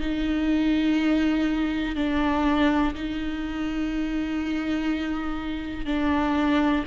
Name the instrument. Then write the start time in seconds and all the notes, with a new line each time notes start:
viola
0.00 D#4
1.95 D4
2.95 D#4
5.86 D4